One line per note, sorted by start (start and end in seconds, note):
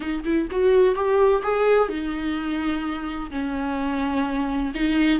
0.00 0.23 D#4
0.24 0.48 E4
0.50 0.95 F#4
0.95 1.42 G4
1.42 1.88 G#4
1.88 3.30 D#4
3.30 4.72 C#4
4.74 5.19 D#4